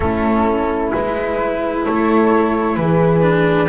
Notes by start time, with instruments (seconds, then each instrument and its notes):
0.00 double bass A3, cello C#4, horn E4, flute A4
0.92 double bass G#3, cello E4, flute B4
1.83 double bass A3, horn A4, flute C#5
2.75 double bass E3, horn G#4, flute B4
3.21 cello D4